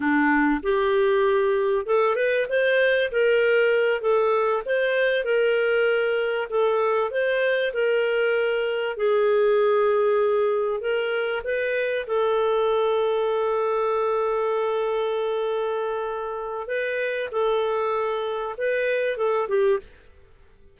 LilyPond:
\new Staff \with { instrumentName = "clarinet" } { \time 4/4 \tempo 4 = 97 d'4 g'2 a'8 b'8 | c''4 ais'4. a'4 c''8~ | c''8 ais'2 a'4 c''8~ | c''8 ais'2 gis'4.~ |
gis'4. ais'4 b'4 a'8~ | a'1~ | a'2. b'4 | a'2 b'4 a'8 g'8 | }